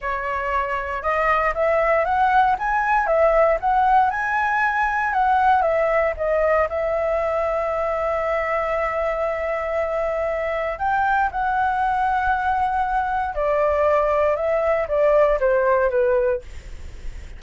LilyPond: \new Staff \with { instrumentName = "flute" } { \time 4/4 \tempo 4 = 117 cis''2 dis''4 e''4 | fis''4 gis''4 e''4 fis''4 | gis''2 fis''4 e''4 | dis''4 e''2.~ |
e''1~ | e''4 g''4 fis''2~ | fis''2 d''2 | e''4 d''4 c''4 b'4 | }